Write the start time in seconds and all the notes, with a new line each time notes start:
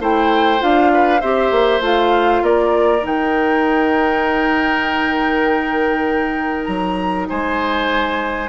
0.00 A3 E4 C5 G5
0.59 D4 F4 F5
0.94 B4
1.21 C4 G4 C5 E5
1.51 A#3
1.81 A3 F4 F5
2.42 A#3 A#4 D5
3.01 D#3 D#4 G5
6.65 F#3 A#5
7.29 G#3 C5 G#5